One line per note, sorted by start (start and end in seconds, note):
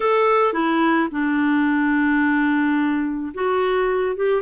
0.00 0.53 A4
0.53 1.08 E4
1.11 3.33 D4
3.34 4.16 F#4
4.16 4.41 G4